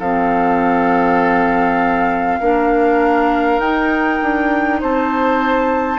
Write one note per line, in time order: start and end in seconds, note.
0.00 2.40 F3
0.00 2.42 C4
0.00 2.40 A4
0.00 3.60 F5
2.41 3.59 A#3
2.41 3.62 D4
2.41 4.80 A#4
3.59 4.19 D#4
3.59 5.99 D#4
3.59 4.80 G5
4.22 4.82 D4
4.80 5.99 C4
4.80 5.99 C5
4.80 5.99 A5